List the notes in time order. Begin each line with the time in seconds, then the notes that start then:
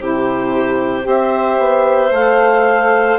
0.00 C3 E4 G4 C5
1.02 C4 G4 C5
1.08 E5
1.59 B3
2.11 A3 A4 F5